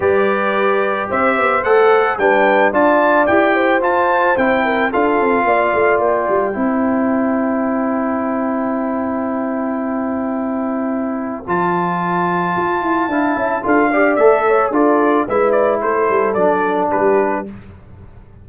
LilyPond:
<<
  \new Staff \with { instrumentName = "trumpet" } { \time 4/4 \tempo 4 = 110 d''2 e''4 fis''4 | g''4 a''4 g''4 a''4 | g''4 f''2 g''4~ | g''1~ |
g''1~ | g''4 a''2.~ | a''4 f''4 e''4 d''4 | e''8 d''8 c''4 d''4 b'4 | }
  \new Staff \with { instrumentName = "horn" } { \time 4/4 b'2 c''2 | b'4 d''4. c''4.~ | c''8 ais'8 a'4 d''2 | c''1~ |
c''1~ | c''1 | f''8 e''8 a'8 d''4 cis''8 a'4 | b'4 a'2 g'4 | }
  \new Staff \with { instrumentName = "trombone" } { \time 4/4 g'2. a'4 | d'4 f'4 g'4 f'4 | e'4 f'2. | e'1~ |
e'1~ | e'4 f'2. | e'4 f'8 g'8 a'4 f'4 | e'2 d'2 | }
  \new Staff \with { instrumentName = "tuba" } { \time 4/4 g2 c'8 b8 a4 | g4 d'4 e'4 f'4 | c'4 d'8 c'8 ais8 a8 ais8 g8 | c'1~ |
c'1~ | c'4 f2 f'8 e'8 | d'8 cis'8 d'4 a4 d'4 | gis4 a8 g8 fis4 g4 | }
>>